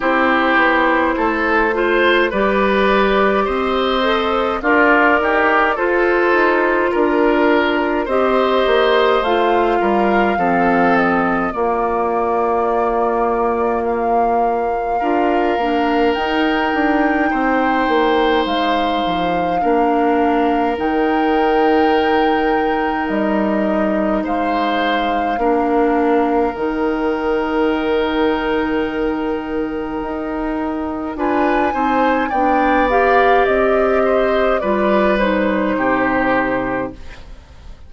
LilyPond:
<<
  \new Staff \with { instrumentName = "flute" } { \time 4/4 \tempo 4 = 52 c''2 d''4 dis''4 | d''4 c''4 ais'4 dis''4 | f''4. dis''8 d''2 | f''2 g''2 |
f''2 g''2 | dis''4 f''2 g''4~ | g''2. gis''4 | g''8 f''8 dis''4 d''8 c''4. | }
  \new Staff \with { instrumentName = "oboe" } { \time 4/4 g'4 a'8 c''8 b'4 c''4 | f'8 g'8 a'4 ais'4 c''4~ | c''8 ais'8 a'4 f'2~ | f'4 ais'2 c''4~ |
c''4 ais'2.~ | ais'4 c''4 ais'2~ | ais'2. b'8 c''8 | d''4. c''8 b'4 g'4 | }
  \new Staff \with { instrumentName = "clarinet" } { \time 4/4 e'4. f'8 g'4. a'8 | ais'4 f'2 g'4 | f'4 c'4 ais2~ | ais4 f'8 d'8 dis'2~ |
dis'4 d'4 dis'2~ | dis'2 d'4 dis'4~ | dis'2. f'8 dis'8 | d'8 g'4. f'8 dis'4. | }
  \new Staff \with { instrumentName = "bassoon" } { \time 4/4 c'8 b8 a4 g4 c'4 | d'8 dis'8 f'8 dis'8 d'4 c'8 ais8 | a8 g8 f4 ais2~ | ais4 d'8 ais8 dis'8 d'8 c'8 ais8 |
gis8 f8 ais4 dis2 | g4 gis4 ais4 dis4~ | dis2 dis'4 d'8 c'8 | b4 c'4 g4 c4 | }
>>